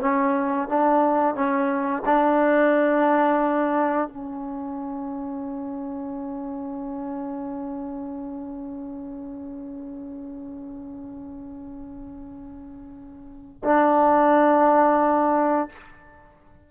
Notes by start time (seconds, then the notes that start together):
0.00 C#4
0.68 D4
1.35 C#4
2.05 D4
4.08 C#4
13.64 D4